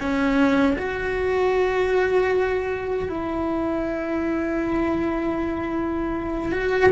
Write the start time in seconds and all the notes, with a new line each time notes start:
0.00 C#4
0.78 F#4
3.09 E4
6.52 F#4